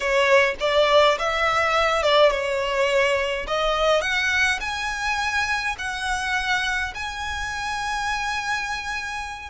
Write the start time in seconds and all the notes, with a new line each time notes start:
0.00 C#5
0.60 D5
1.18 E5
2.02 D5
2.31 C#5
3.47 D#5
4.01 F#5
4.60 G#5
5.78 F#5
6.94 G#5